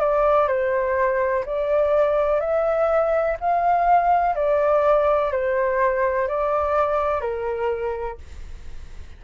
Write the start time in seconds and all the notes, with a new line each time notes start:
0.00 D5
0.48 C5
1.45 D5
2.40 E5
3.40 F5
4.35 D5
5.32 C5
6.28 D5
7.21 A#4